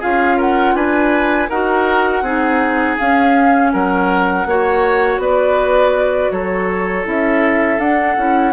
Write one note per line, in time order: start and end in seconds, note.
0.00 0.74 C#4
0.00 1.49 F4
0.00 0.37 G#4
0.00 0.39 F5
0.37 0.74 A#4
0.37 0.75 F#5
0.74 1.48 D4
0.74 1.49 B4
0.74 1.49 G#5
1.49 2.22 D#4
1.49 2.24 F#4
1.49 2.23 A#4
1.49 2.98 F#5
2.22 2.96 C4
2.22 2.98 D#4
2.22 3.72 G#4
2.98 4.46 C#4
2.98 3.74 C#4
2.98 3.72 F5
3.73 4.45 F#3
3.73 4.47 A#4
3.73 5.21 F#5
4.45 5.18 A#3
4.45 7.04 F#4
4.45 5.21 C#5
5.18 6.29 B3
5.18 6.32 B4
5.18 6.31 D5
6.31 7.05 F#3
6.31 8.53 A4
6.31 7.05 C#5
7.04 7.79 C#4
7.04 7.79 E4
7.04 7.80 E5
7.79 8.16 D4
7.79 8.17 D4
7.79 8.53 F#5
8.17 8.53 C#4
8.17 8.53 E4